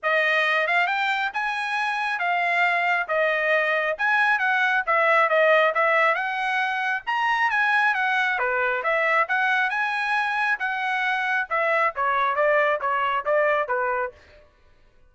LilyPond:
\new Staff \with { instrumentName = "trumpet" } { \time 4/4 \tempo 4 = 136 dis''4. f''8 g''4 gis''4~ | gis''4 f''2 dis''4~ | dis''4 gis''4 fis''4 e''4 | dis''4 e''4 fis''2 |
ais''4 gis''4 fis''4 b'4 | e''4 fis''4 gis''2 | fis''2 e''4 cis''4 | d''4 cis''4 d''4 b'4 | }